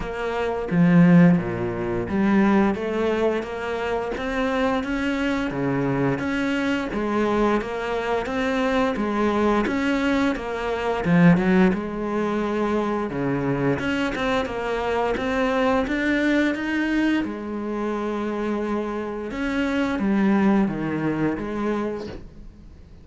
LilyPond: \new Staff \with { instrumentName = "cello" } { \time 4/4 \tempo 4 = 87 ais4 f4 ais,4 g4 | a4 ais4 c'4 cis'4 | cis4 cis'4 gis4 ais4 | c'4 gis4 cis'4 ais4 |
f8 fis8 gis2 cis4 | cis'8 c'8 ais4 c'4 d'4 | dis'4 gis2. | cis'4 g4 dis4 gis4 | }